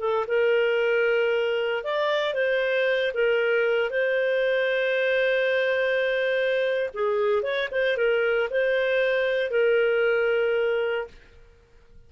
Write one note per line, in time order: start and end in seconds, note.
0.00 0.26 A4
0.28 1.84 A#4
1.84 2.34 D5
2.34 3.12 C5
3.14 3.91 A#4
3.91 6.91 C5
6.94 7.43 G#4
7.43 7.69 C#5
7.72 7.97 C5
7.97 8.49 A#4
8.50 9.51 C5
9.51 11.08 A#4